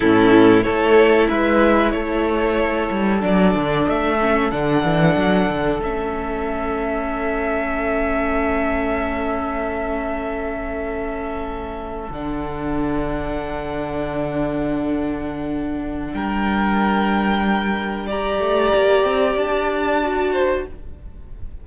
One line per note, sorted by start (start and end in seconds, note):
0.00 0.65 A2
0.00 0.61 C#4
0.00 0.63 E4
0.00 0.62 A4
0.61 1.30 A3
0.61 3.19 E4
0.61 1.28 A4
0.61 1.27 C#5
1.28 1.93 G#3
1.28 1.93 B4
1.28 1.90 E5
1.90 2.89 A3
1.90 16.14 A4
1.90 3.19 C#5
2.90 3.22 G3
3.19 3.54 F#3
3.19 4.16 D4
3.19 3.88 D5
3.54 3.87 D3
3.88 4.52 A3
3.88 4.51 E5
4.20 4.51 C#4
4.51 4.83 D3
4.51 5.80 D4
4.51 5.80 F#5
4.83 5.15 E3
5.15 5.48 F#3
5.48 5.79 D3
5.79 12.08 A3
5.79 12.11 C#4
5.79 12.11 E5
12.09 16.12 D3
12.09 18.08 D4
12.09 16.13 F#5
16.13 18.39 G3
16.13 18.06 A#4
16.13 18.07 G5
18.06 20.01 G4
18.06 20.32 D5
18.06 19.37 A#5
18.39 18.72 A3
18.74 19.04 A#3
19.04 19.36 C4
19.36 20.65 D4
19.36 20.67 A5
20.02 20.66 F#4
20.32 20.64 C5